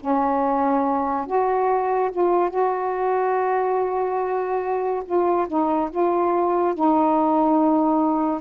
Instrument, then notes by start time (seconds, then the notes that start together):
saxophone
0.00 C#4
1.26 F#4
2.12 F4
2.50 F#4
5.05 F4
5.48 D#4
5.91 F4
6.75 D#4